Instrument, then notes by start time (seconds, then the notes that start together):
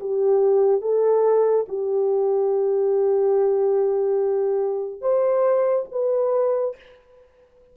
horn
0.00 G4
0.81 A4
1.68 G4
5.01 C5
5.92 B4